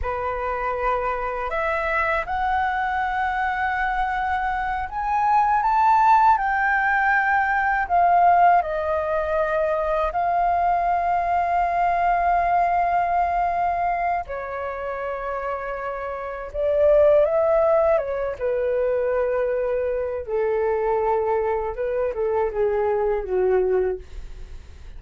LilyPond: \new Staff \with { instrumentName = "flute" } { \time 4/4 \tempo 4 = 80 b'2 e''4 fis''4~ | fis''2~ fis''8 gis''4 a''8~ | a''8 g''2 f''4 dis''8~ | dis''4. f''2~ f''8~ |
f''2. cis''4~ | cis''2 d''4 e''4 | cis''8 b'2~ b'8 a'4~ | a'4 b'8 a'8 gis'4 fis'4 | }